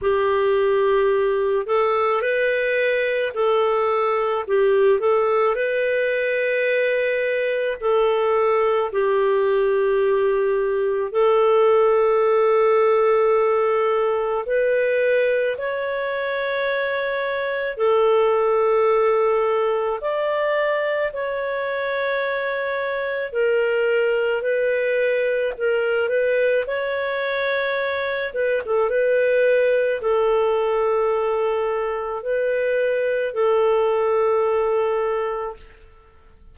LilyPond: \new Staff \with { instrumentName = "clarinet" } { \time 4/4 \tempo 4 = 54 g'4. a'8 b'4 a'4 | g'8 a'8 b'2 a'4 | g'2 a'2~ | a'4 b'4 cis''2 |
a'2 d''4 cis''4~ | cis''4 ais'4 b'4 ais'8 b'8 | cis''4. b'16 a'16 b'4 a'4~ | a'4 b'4 a'2 | }